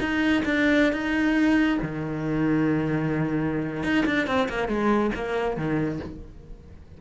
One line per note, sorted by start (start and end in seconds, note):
0.00 0.43 D#4
0.45 0.93 D4
0.93 1.78 D#4
1.82 3.84 D#3
3.84 4.05 D#4
4.06 4.27 D4
4.27 4.48 C4
4.49 4.68 A#3
4.68 5.11 G#3
5.15 5.57 A#3
5.57 6.00 D#3